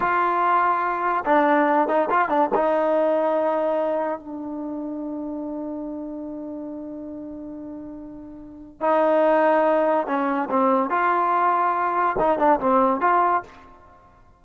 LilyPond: \new Staff \with { instrumentName = "trombone" } { \time 4/4 \tempo 4 = 143 f'2. d'4~ | d'8 dis'8 f'8 d'8 dis'2~ | dis'2 d'2~ | d'1~ |
d'1~ | d'4 dis'2. | cis'4 c'4 f'2~ | f'4 dis'8 d'8 c'4 f'4 | }